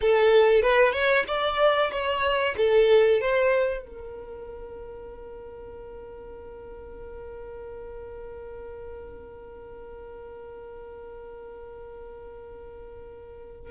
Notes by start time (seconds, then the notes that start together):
0.01 A4
0.62 B4
0.92 C#5
1.27 D5
1.91 C#5
2.57 A4
3.21 C5
3.83 A#4